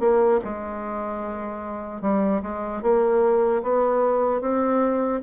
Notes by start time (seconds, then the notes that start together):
0.00 A#3
0.44 G#3
2.01 G3
2.42 G#3
2.82 A#3
3.63 B3
4.41 C4